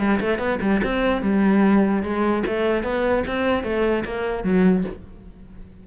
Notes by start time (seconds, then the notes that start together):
0.00 G3
0.21 A3
0.39 B3
0.62 G3
0.84 C4
1.22 G3
2.03 G#3
2.47 A3
2.84 B3
3.28 C4
3.64 A3
4.06 A#3
4.44 F#3